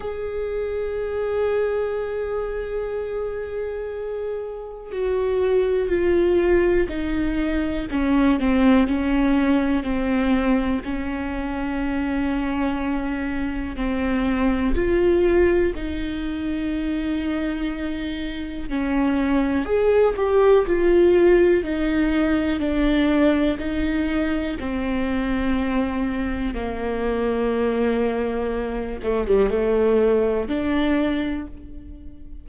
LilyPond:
\new Staff \with { instrumentName = "viola" } { \time 4/4 \tempo 4 = 61 gis'1~ | gis'4 fis'4 f'4 dis'4 | cis'8 c'8 cis'4 c'4 cis'4~ | cis'2 c'4 f'4 |
dis'2. cis'4 | gis'8 g'8 f'4 dis'4 d'4 | dis'4 c'2 ais4~ | ais4. a16 g16 a4 d'4 | }